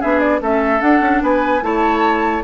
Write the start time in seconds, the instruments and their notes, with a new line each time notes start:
0.00 bassoon B3, clarinet D4, oboe G#4, flute E5
0.20 flute D5
0.41 bassoon A3, clarinet C#4, oboe A4, flute E5
0.80 clarinet D4, bassoon D4, flute F#5
1.01 bassoon C#4
1.23 bassoon B3, oboe B4, flute G#5
1.62 bassoon A3, clarinet E4, oboe C#5, flute A5